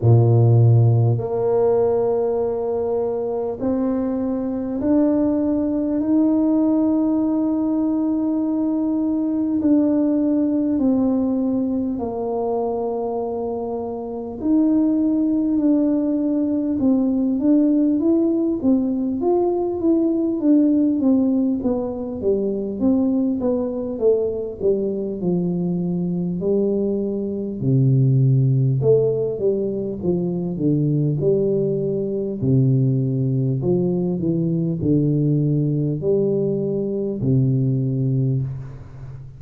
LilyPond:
\new Staff \with { instrumentName = "tuba" } { \time 4/4 \tempo 4 = 50 ais,4 ais2 c'4 | d'4 dis'2. | d'4 c'4 ais2 | dis'4 d'4 c'8 d'8 e'8 c'8 |
f'8 e'8 d'8 c'8 b8 g8 c'8 b8 | a8 g8 f4 g4 c4 | a8 g8 f8 d8 g4 c4 | f8 e8 d4 g4 c4 | }